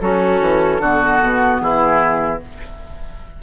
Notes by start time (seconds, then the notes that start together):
0.00 F#3 C#4 F#4 A4
0.40 E3
0.78 D3 B3 F#4
1.21 B2
1.60 E3 E4 G#4